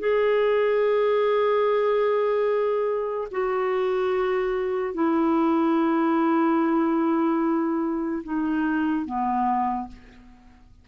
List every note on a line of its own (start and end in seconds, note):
0.00 3.29 G#4
3.32 4.95 F#4
4.95 8.23 E4
8.24 9.06 D#4
9.06 9.88 B3